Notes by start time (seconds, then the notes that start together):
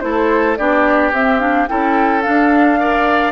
0.00 A3 E4 A4 C5
0.56 B3 D4 G4 D5
1.12 C4 E5
1.39 D4 F5
1.68 C#4 E4 A4 G5
2.22 D4 F5
2.78 A#4 D5